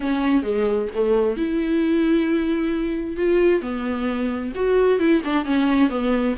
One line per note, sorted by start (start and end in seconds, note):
0.00 0.42 C#4
0.42 0.88 G#3
0.94 1.36 A3
1.36 3.16 E4
3.16 3.61 F4
3.61 4.52 B3
4.55 4.99 F#4
4.99 5.22 E4
5.24 5.45 D4
5.45 5.89 C#4
5.89 6.35 B3